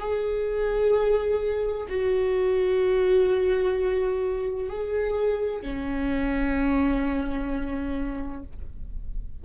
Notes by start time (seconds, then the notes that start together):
0.00 G#4
1.89 F#4
4.70 G#4
5.62 C#4